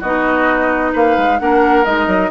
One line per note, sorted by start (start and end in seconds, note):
0.00 0.94 B3
0.00 1.39 D#4
0.00 0.92 F#4
0.00 0.93 D#5
0.93 1.17 A#3
0.93 1.39 B4
0.93 1.40 F5
1.17 1.40 G#3
1.39 1.86 A#3
1.39 1.85 D4
1.39 2.31 A#4
1.39 1.85 F#5
1.85 2.07 G#3
1.85 2.31 D#4
1.85 2.31 D#5
2.07 2.30 F#3